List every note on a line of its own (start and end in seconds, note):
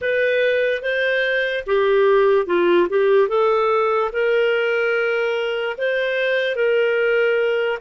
0.01 0.82 B4
0.82 1.64 C5
1.66 2.46 G4
2.46 2.87 F4
2.89 3.28 G4
3.28 4.10 A4
4.12 5.76 A#4
5.77 6.55 C5
6.55 7.79 A#4